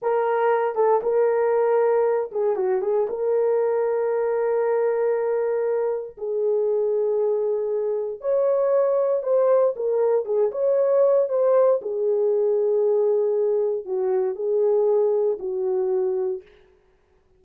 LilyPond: \new Staff \with { instrumentName = "horn" } { \time 4/4 \tempo 4 = 117 ais'4. a'8 ais'2~ | ais'8 gis'8 fis'8 gis'8 ais'2~ | ais'1 | gis'1 |
cis''2 c''4 ais'4 | gis'8 cis''4. c''4 gis'4~ | gis'2. fis'4 | gis'2 fis'2 | }